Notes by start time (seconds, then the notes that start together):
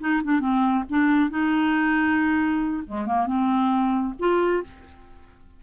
0.00 D#4
0.24 D4
0.40 C4
0.89 D4
1.30 D#4
2.87 G#3
3.06 A#3
3.26 C4
4.19 F4